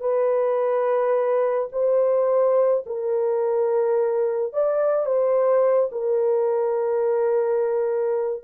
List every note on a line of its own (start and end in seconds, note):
0.00 1.68 B4
1.72 2.84 C5
2.86 4.53 A#4
4.53 5.05 D5
5.05 5.90 C5
5.92 8.43 A#4